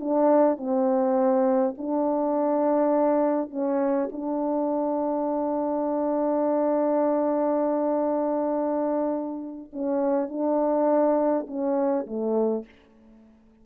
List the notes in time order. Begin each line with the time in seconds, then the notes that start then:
0.00 D4
0.57 C4
1.78 D4
3.50 C#4
4.12 D4
9.73 C#4
10.29 D4
11.47 C#4
12.06 A3